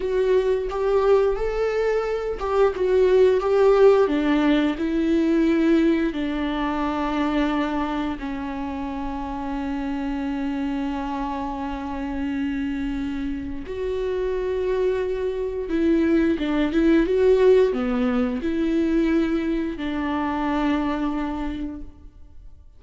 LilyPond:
\new Staff \with { instrumentName = "viola" } { \time 4/4 \tempo 4 = 88 fis'4 g'4 a'4. g'8 | fis'4 g'4 d'4 e'4~ | e'4 d'2. | cis'1~ |
cis'1 | fis'2. e'4 | d'8 e'8 fis'4 b4 e'4~ | e'4 d'2. | }